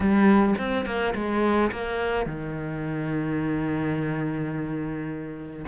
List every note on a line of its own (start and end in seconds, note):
0.00 0.54 G3
0.58 0.85 C4
0.85 1.14 A#3
1.14 1.71 G#3
1.71 2.26 A#3
2.26 5.65 D#3